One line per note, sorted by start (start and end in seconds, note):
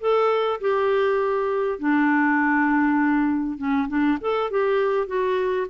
0.00 0.60 A4
0.60 1.79 G4
1.79 3.58 D4
3.58 3.88 C#4
3.88 4.18 D4
4.21 4.51 A4
4.51 5.07 G4
5.07 5.67 F#4